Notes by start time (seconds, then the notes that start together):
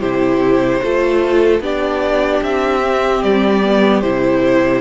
0.00 C3 E4 G4 C5
0.84 A3 F4 A4
1.60 B3 D4 G4 D5
2.43 C4 E5
2.82 C4
3.23 G3 D5
3.64 B3
4.02 C3 E4 C5